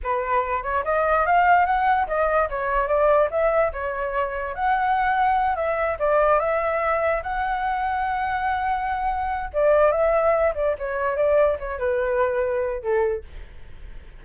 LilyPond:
\new Staff \with { instrumentName = "flute" } { \time 4/4 \tempo 4 = 145 b'4. cis''8 dis''4 f''4 | fis''4 dis''4 cis''4 d''4 | e''4 cis''2 fis''4~ | fis''4. e''4 d''4 e''8~ |
e''4. fis''2~ fis''8~ | fis''2. d''4 | e''4. d''8 cis''4 d''4 | cis''8 b'2~ b'8 a'4 | }